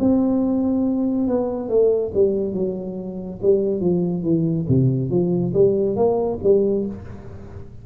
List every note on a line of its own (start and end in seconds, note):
0.00 1.28 C4
1.28 1.69 B3
1.69 2.12 A3
2.15 2.54 G3
2.54 3.40 F#3
3.43 3.81 G3
3.81 4.24 F3
4.24 4.66 E3
4.69 5.10 C3
5.10 5.53 F3
5.54 5.96 G3
5.96 6.39 A#3
6.44 6.86 G3